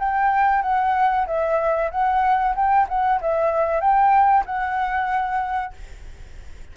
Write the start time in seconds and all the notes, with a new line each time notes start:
0.00 G5
0.63 F#5
1.27 E5
1.91 F#5
2.56 G5
2.89 F#5
3.21 E5
3.81 G5
4.46 F#5